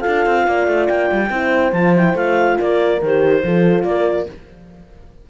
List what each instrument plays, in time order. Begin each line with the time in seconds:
0.00 horn F4 A4, clarinet F5
0.07 cello D4
0.26 cello C4
0.47 cello A#3, horn D5
0.67 cello A3
0.88 cello A#3, clarinet G5
1.12 cello G3
1.30 cello C4, horn E4 C5
1.72 cello F3, horn F4, clarinet A5
1.95 horn E4, clarinet G5
2.14 cello A3, horn F4, clarinet F5
2.58 cello A#3, horn A#4, clarinet D5
3.01 cello D#3, horn G4, clarinet C5
3.43 cello F3, horn F4 A4
3.83 cello A#3, horn A#4, clarinet D5